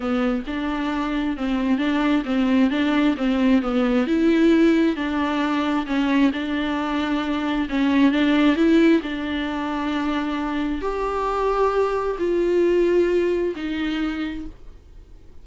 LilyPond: \new Staff \with { instrumentName = "viola" } { \time 4/4 \tempo 4 = 133 b4 d'2 c'4 | d'4 c'4 d'4 c'4 | b4 e'2 d'4~ | d'4 cis'4 d'2~ |
d'4 cis'4 d'4 e'4 | d'1 | g'2. f'4~ | f'2 dis'2 | }